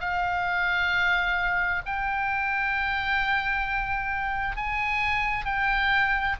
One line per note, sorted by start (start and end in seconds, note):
0.00 1.82 F5
1.86 4.56 G5
4.56 5.45 G#5
5.45 6.36 G5